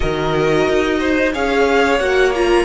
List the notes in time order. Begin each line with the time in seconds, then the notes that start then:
0.00 D#3 F#4 A#4 D#5
0.68 D#4
0.99 C5
1.32 C#4 G#4 C#5 F5
1.99 A#3 F#4 F#5
2.34 F4 A#5